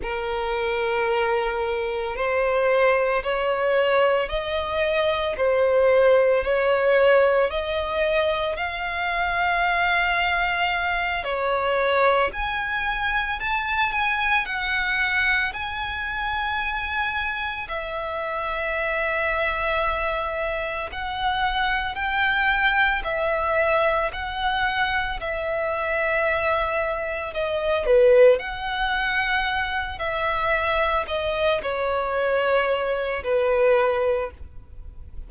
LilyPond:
\new Staff \with { instrumentName = "violin" } { \time 4/4 \tempo 4 = 56 ais'2 c''4 cis''4 | dis''4 c''4 cis''4 dis''4 | f''2~ f''8 cis''4 gis''8~ | gis''8 a''8 gis''8 fis''4 gis''4.~ |
gis''8 e''2. fis''8~ | fis''8 g''4 e''4 fis''4 e''8~ | e''4. dis''8 b'8 fis''4. | e''4 dis''8 cis''4. b'4 | }